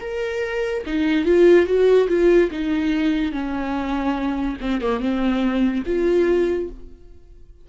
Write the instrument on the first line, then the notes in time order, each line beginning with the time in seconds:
viola
0.00 A#4
0.86 D#4
1.25 F4
1.66 F#4
2.08 F4
2.51 D#4
3.31 C#4
4.60 C4
4.81 A#3
5.00 C4
5.85 F4